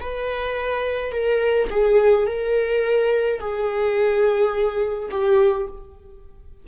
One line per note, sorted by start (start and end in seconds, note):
0.00 1.12 B4
1.12 1.68 A#4
1.70 2.26 G#4
2.26 3.40 A#4
3.40 5.09 G#4
5.10 5.67 G4